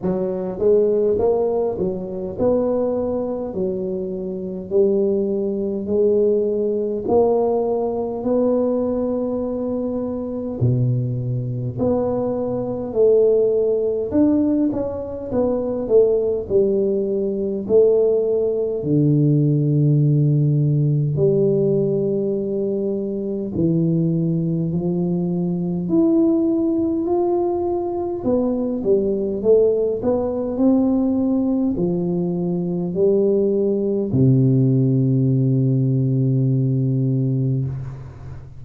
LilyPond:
\new Staff \with { instrumentName = "tuba" } { \time 4/4 \tempo 4 = 51 fis8 gis8 ais8 fis8 b4 fis4 | g4 gis4 ais4 b4~ | b4 b,4 b4 a4 | d'8 cis'8 b8 a8 g4 a4 |
d2 g2 | e4 f4 e'4 f'4 | b8 g8 a8 b8 c'4 f4 | g4 c2. | }